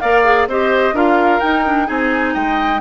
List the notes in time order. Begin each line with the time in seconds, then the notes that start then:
0.00 A#3 A#4 D5 F5
0.24 G#4
0.47 C4 G4 C5 D#5
0.93 D4 F4 A#4 F5
1.40 D#4 G5
1.65 D4
1.86 C4 D#4 G#4 G#5
2.34 G#3 D#5 G5